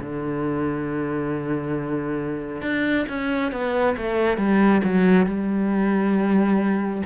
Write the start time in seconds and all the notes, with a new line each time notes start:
0.00 D3
2.62 D4
3.09 C#4
3.52 B3
3.97 A3
4.38 G3
4.84 F#3
5.27 G3